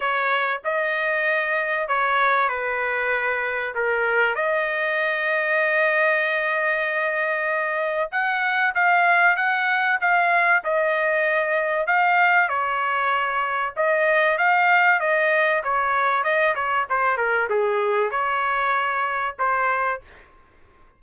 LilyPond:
\new Staff \with { instrumentName = "trumpet" } { \time 4/4 \tempo 4 = 96 cis''4 dis''2 cis''4 | b'2 ais'4 dis''4~ | dis''1~ | dis''4 fis''4 f''4 fis''4 |
f''4 dis''2 f''4 | cis''2 dis''4 f''4 | dis''4 cis''4 dis''8 cis''8 c''8 ais'8 | gis'4 cis''2 c''4 | }